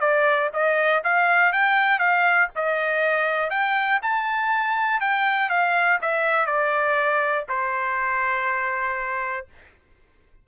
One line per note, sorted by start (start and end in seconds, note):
0.00 0.50 D5
0.53 1.03 D#5
1.04 1.53 F5
1.53 1.99 G5
1.99 2.48 F5
2.55 3.50 D#5
3.50 4.00 G5
4.02 5.00 A5
5.00 5.49 G5
5.49 5.99 F5
6.01 6.46 E5
6.46 7.45 D5
7.48 9.47 C5